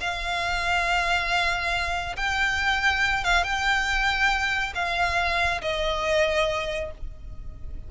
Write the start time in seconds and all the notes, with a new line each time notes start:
0.00 F5
2.16 G5
3.24 F5
3.44 G5
4.75 F5
5.61 D#5